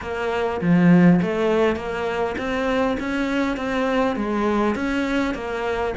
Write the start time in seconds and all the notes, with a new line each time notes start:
0.01 A#3
0.61 F3
1.22 A3
1.76 A#3
2.38 C4
2.99 C#4
3.56 C4
4.16 G#3
4.75 C#4
5.34 A#3